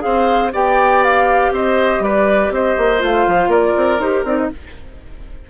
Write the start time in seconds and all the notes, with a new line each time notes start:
0.00 C4 G#4 C5 F5
0.53 B3 G4 D5 G5
1.04 F5
1.51 C4 C5 D#5
1.99 G3 B4 D5
2.51 C4 C5 D#5
2.77 A#3
2.99 A3 F4 F5
3.27 F3
3.47 A#3 A#4 D5
3.77 C4
3.99 D#4 G4 C5
4.24 C4 D#4 D5
4.38 D#5